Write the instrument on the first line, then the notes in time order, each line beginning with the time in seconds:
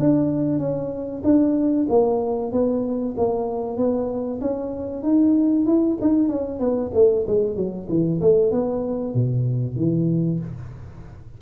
tuba
0.00 D4
0.59 C#4
1.24 D4
1.90 A#3
2.52 B3
3.18 A#3
3.78 B3
4.41 C#4
5.03 D#4
5.66 E4
6.01 D#4
6.29 C#4
6.60 B3
6.94 A3
7.27 G#3
7.57 F#3
7.90 E3
8.21 A3
8.52 B3
9.15 B2
9.77 E3